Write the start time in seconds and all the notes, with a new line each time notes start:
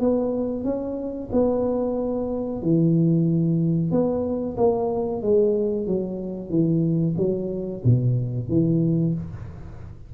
0.00 B3
0.64 C#4
1.32 B3
2.62 E3
3.91 B3
4.57 A#3
5.22 G#3
5.87 F#3
6.50 E3
7.17 F#3
7.84 B2
8.49 E3